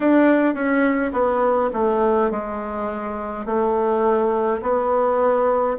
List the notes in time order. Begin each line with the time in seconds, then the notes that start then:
0.00 D4
0.54 C#4
1.12 B3
1.73 A3
2.31 G#3
3.45 A3
4.62 B3